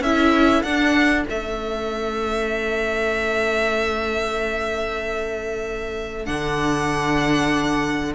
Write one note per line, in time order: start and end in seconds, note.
0.00 0.62 C#4
0.00 0.66 E4
0.00 8.14 A4
0.00 0.62 E5
0.62 1.26 D4
0.62 1.27 D4
0.62 1.25 F#5
1.27 6.28 A3
1.27 6.26 C#4
1.27 6.26 E5
6.26 8.15 D3
6.26 8.13 D4
6.26 8.13 F#5